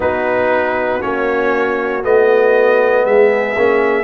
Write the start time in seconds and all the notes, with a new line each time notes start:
0.00 B3 D#4 F#4 B4
1.00 A#3 C#4 C#5
2.03 A3 B3 D#5
3.05 G#3 G#4 E5
3.56 A#3 C#4